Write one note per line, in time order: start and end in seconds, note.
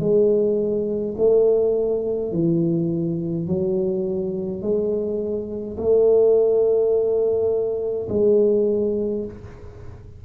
0.00 1.15 G#3
1.18 2.33 A3
2.33 3.48 E3
3.48 4.62 F#3
4.62 5.77 G#3
5.77 8.08 A3
8.10 9.25 G#3